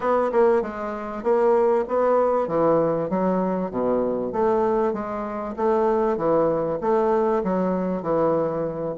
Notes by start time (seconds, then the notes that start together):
0.00 B3
0.32 A#3
0.62 G#3
1.23 A#3
1.88 B3
2.47 E3
3.09 F#3
3.70 B2
4.32 A3
4.93 G#3
5.56 A3
6.17 E3
6.80 A3
7.43 F#3
8.02 E3